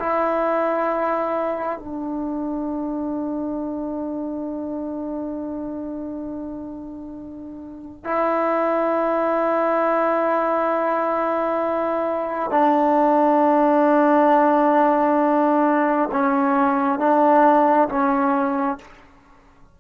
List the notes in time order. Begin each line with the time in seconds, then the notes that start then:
0.00 E4
1.80 D4
8.04 E4
12.51 D4
16.12 C#4
16.99 D4
17.89 C#4